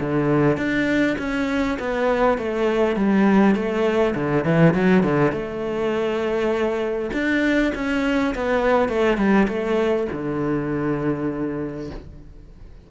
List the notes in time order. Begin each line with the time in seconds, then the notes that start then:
0.00 D3
0.57 D4
1.19 C#4
1.79 B3
2.38 A3
2.96 G3
3.55 A3
4.15 D3
4.44 E3
4.74 F#3
5.03 D3
5.32 A3
7.13 D4
7.75 C#4
8.35 B3
8.89 A3
9.17 G3
9.48 A3
10.12 D3